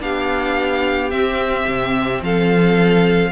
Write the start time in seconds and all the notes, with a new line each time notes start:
0.00 B3 D4 G4 F5
1.11 C4 E5
1.68 C3
2.22 F3 A4 F5